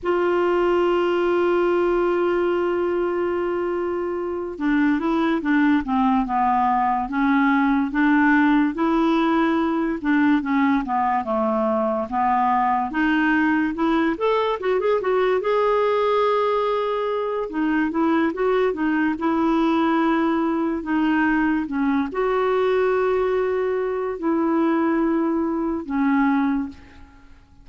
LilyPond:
\new Staff \with { instrumentName = "clarinet" } { \time 4/4 \tempo 4 = 72 f'1~ | f'4. d'8 e'8 d'8 c'8 b8~ | b8 cis'4 d'4 e'4. | d'8 cis'8 b8 a4 b4 dis'8~ |
dis'8 e'8 a'8 fis'16 gis'16 fis'8 gis'4.~ | gis'4 dis'8 e'8 fis'8 dis'8 e'4~ | e'4 dis'4 cis'8 fis'4.~ | fis'4 e'2 cis'4 | }